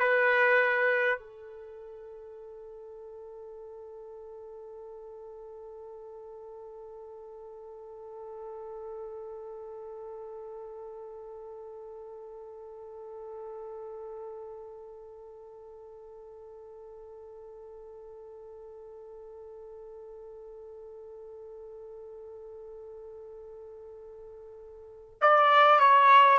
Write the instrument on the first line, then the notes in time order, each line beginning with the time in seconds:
trumpet
0.00 B4
1.19 A4
25.22 D5
25.80 C#5